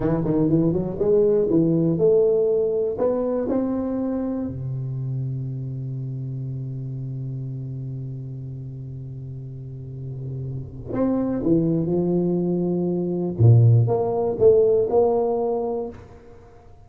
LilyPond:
\new Staff \with { instrumentName = "tuba" } { \time 4/4 \tempo 4 = 121 e8 dis8 e8 fis8 gis4 e4 | a2 b4 c'4~ | c'4 c2.~ | c1~ |
c1~ | c2 c'4 e4 | f2. ais,4 | ais4 a4 ais2 | }